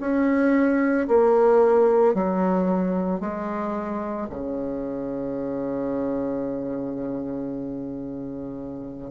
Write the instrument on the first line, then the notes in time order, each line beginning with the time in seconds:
bassoon
0.00 C#4
1.07 A#3
2.14 F#3
3.20 G#3
4.29 C#3